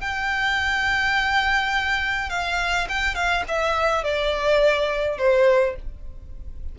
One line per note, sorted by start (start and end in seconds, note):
0.00 2.29 G5
2.29 2.87 F5
2.88 3.14 G5
3.14 3.43 F5
3.47 4.03 E5
4.03 5.18 D5
5.18 5.75 C5